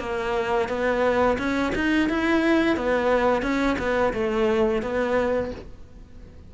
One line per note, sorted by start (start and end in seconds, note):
0.00 0.69 A#3
0.69 1.38 B3
1.38 1.73 C#4
1.75 2.09 D#4
2.09 2.76 E4
2.76 3.42 B3
3.42 3.77 C#4
3.78 4.13 B3
4.13 4.82 A3
4.82 5.51 B3